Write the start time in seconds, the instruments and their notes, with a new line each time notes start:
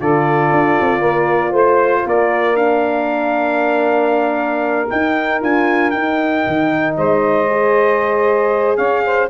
0.00 tuba D3, horn F4, saxophone A4, trumpet D5
0.52 tuba D4
0.80 tuba C4
0.99 tuba A#3, saxophone A#4
1.50 tuba A3, saxophone C5
1.56 trumpet C5
2.06 tuba A#3, saxophone A#4, trumpet D5
2.56 horn D4, trumpet F5
4.90 horn D#4, tuba D#4, trumpet G5
5.42 tuba D4, horn F4, trumpet G#5
5.91 tuba D#4, horn D#4, trumpet G5
6.47 tuba D#3
6.97 tuba G#3, saxophone C5, trumpet D#5
7.49 horn G#4
8.77 tuba C#4, saxophone C#5, trumpet F5
9.06 saxophone C5